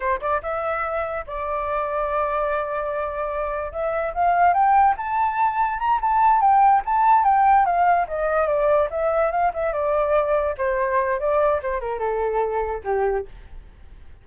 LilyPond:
\new Staff \with { instrumentName = "flute" } { \time 4/4 \tempo 4 = 145 c''8 d''8 e''2 d''4~ | d''1~ | d''4 e''4 f''4 g''4 | a''2 ais''8 a''4 g''8~ |
g''8 a''4 g''4 f''4 dis''8~ | dis''8 d''4 e''4 f''8 e''8 d''8~ | d''4. c''4. d''4 | c''8 ais'8 a'2 g'4 | }